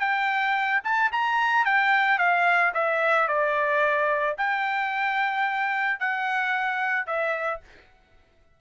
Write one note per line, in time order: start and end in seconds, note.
0.00 0.81 G5
0.84 1.11 A5
1.12 1.66 A#5
1.66 2.19 G5
2.19 2.73 F5
2.74 3.28 E5
3.28 4.36 D5
4.38 6.00 G5
6.00 7.07 F#5
7.07 7.61 E5